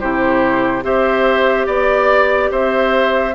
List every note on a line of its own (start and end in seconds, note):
0.00 0.83 C3
0.00 0.82 E4
0.00 0.84 G4
0.00 0.83 C5
0.82 1.66 C4
0.82 3.32 G4
0.82 1.67 C5
0.82 1.67 E5
1.67 2.50 B3
1.67 2.50 D5
1.67 2.51 D5
2.51 3.34 C4
2.51 3.35 C5
2.51 3.35 E5